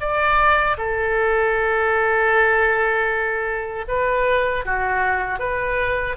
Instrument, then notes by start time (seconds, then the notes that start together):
oboe
0.00 D5
0.78 A4
3.88 B4
4.65 F#4
5.40 B4